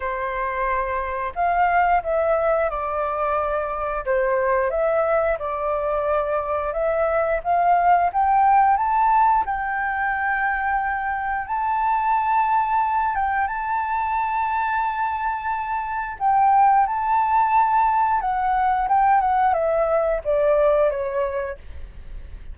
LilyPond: \new Staff \with { instrumentName = "flute" } { \time 4/4 \tempo 4 = 89 c''2 f''4 e''4 | d''2 c''4 e''4 | d''2 e''4 f''4 | g''4 a''4 g''2~ |
g''4 a''2~ a''8 g''8 | a''1 | g''4 a''2 fis''4 | g''8 fis''8 e''4 d''4 cis''4 | }